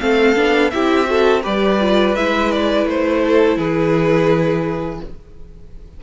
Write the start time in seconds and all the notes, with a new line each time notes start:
0.00 A3 C4 A4 F5
0.36 B3 D4
0.71 C4 E4 G4 E5
1.05 F#4 A4
1.43 G3 G4 B4 D5
1.81 F4
2.15 G#3 E4 E5
2.51 D5
2.85 A3 C5
3.25 A4
3.57 E3 G#4 B4